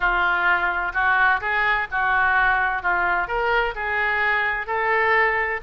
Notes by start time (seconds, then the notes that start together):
0.00 F4
0.93 F#4
1.40 G#4
1.91 F#4
2.82 F4
3.27 A#4
3.75 G#4
4.66 A4